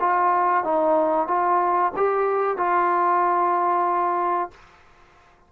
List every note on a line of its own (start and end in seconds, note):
0.00 0.64 F4
0.64 1.28 D#4
1.28 1.92 F4
1.96 2.57 G4
2.57 4.51 F4